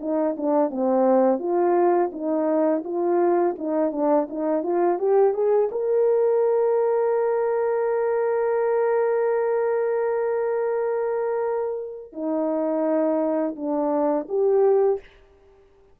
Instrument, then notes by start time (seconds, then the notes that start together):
horn
0.00 D#4
0.37 D4
0.70 C4
1.39 F4
2.12 D#4
2.84 F4
3.58 D#4
3.92 D4
4.29 D#4
4.63 F4
4.98 G4
5.33 G#4
5.71 A#4
12.13 D#4
13.56 D4
14.28 G4